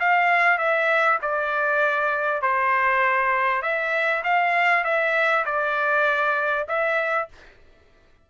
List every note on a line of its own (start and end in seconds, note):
0.00 0.58 F5
0.58 1.19 E5
1.22 2.42 D5
2.42 3.63 C5
3.63 4.23 E5
4.24 4.85 F5
4.85 5.45 E5
5.45 6.67 D5
6.68 7.29 E5